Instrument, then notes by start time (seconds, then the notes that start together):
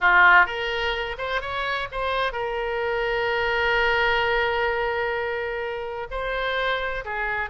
oboe
0.00 F4
0.46 A#4
1.18 C5
1.41 C#5
1.91 C5
2.32 A#4
6.10 C5
7.04 G#4